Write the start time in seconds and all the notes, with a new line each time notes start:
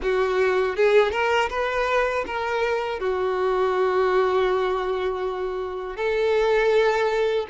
0.02 F#4
0.76 G#4
1.11 A#4
1.49 B4
2.26 A#4
2.99 F#4
5.96 A4